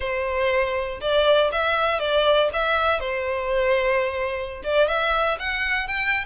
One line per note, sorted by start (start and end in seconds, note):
0.00 1.00 C5
1.00 1.50 D5
1.52 1.99 E5
1.99 2.49 D5
2.53 3.00 E5
3.00 4.62 C5
4.63 4.88 D5
4.88 5.38 E5
5.39 5.87 F#5
5.87 6.25 G5